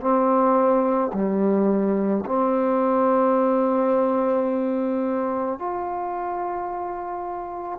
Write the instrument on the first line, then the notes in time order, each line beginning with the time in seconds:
trombone
0.00 C4
1.13 G3
2.25 C4
5.58 F4